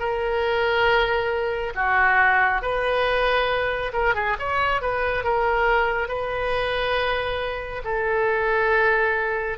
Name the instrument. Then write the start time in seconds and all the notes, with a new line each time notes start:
oboe
0.00 A#4
1.75 F#4
2.62 B4
3.93 A#4
4.15 G#4
4.40 C#5
4.82 B4
5.25 A#4
6.09 B4
7.85 A4